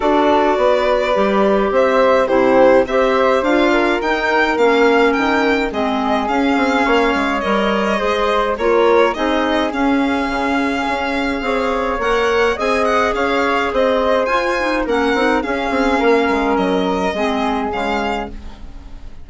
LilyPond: <<
  \new Staff \with { instrumentName = "violin" } { \time 4/4 \tempo 4 = 105 d''2. e''4 | c''4 e''4 f''4 g''4 | f''4 g''4 dis''4 f''4~ | f''4 dis''2 cis''4 |
dis''4 f''2.~ | f''4 fis''4 gis''8 fis''8 f''4 | dis''4 gis''4 fis''4 f''4~ | f''4 dis''2 f''4 | }
  \new Staff \with { instrumentName = "flute" } { \time 4/4 a'4 b'2 c''4 | g'4 c''4. ais'4.~ | ais'2 gis'2 | cis''2 c''4 ais'4 |
gis'1 | cis''2 dis''4 cis''4 | c''2 ais'4 gis'4 | ais'2 gis'2 | }
  \new Staff \with { instrumentName = "clarinet" } { \time 4/4 fis'2 g'2 | e'4 g'4 f'4 dis'4 | cis'2 c'4 cis'4~ | cis'4 ais'4 gis'4 f'4 |
dis'4 cis'2. | gis'4 ais'4 gis'2~ | gis'4 f'8 dis'8 cis'8 dis'8 cis'4~ | cis'2 c'4 gis4 | }
  \new Staff \with { instrumentName = "bassoon" } { \time 4/4 d'4 b4 g4 c'4 | c4 c'4 d'4 dis'4 | ais4 dis4 gis4 cis'8 c'8 | ais8 gis8 g4 gis4 ais4 |
c'4 cis'4 cis4 cis'4 | c'4 ais4 c'4 cis'4 | c'4 f'4 ais8 c'8 cis'8 c'8 | ais8 gis8 fis4 gis4 cis4 | }
>>